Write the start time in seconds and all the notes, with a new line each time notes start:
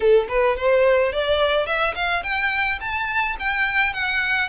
0.00 A4
0.28 B4
0.56 C5
1.12 D5
1.66 E5
1.95 F5
2.23 G5
2.80 A5
3.39 G5
3.93 F#5